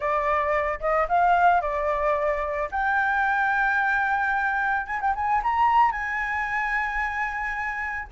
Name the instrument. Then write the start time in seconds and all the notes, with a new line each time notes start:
flute
0.00 D5
0.80 D#5
1.08 F5
1.61 D5
2.71 G5
4.86 G#5
5.00 G5
5.15 G#5
5.43 A#5
5.91 G#5